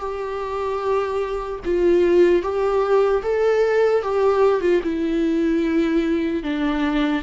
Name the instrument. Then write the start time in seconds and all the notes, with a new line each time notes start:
viola
0.00 G4
1.65 F4
2.43 G4
3.23 A4
4.03 G4
4.61 F4
4.84 E4
6.44 D4